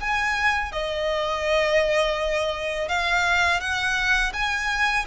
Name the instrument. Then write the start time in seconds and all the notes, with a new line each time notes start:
violin
0.00 G#5
0.72 D#5
2.88 F5
3.60 F#5
4.33 G#5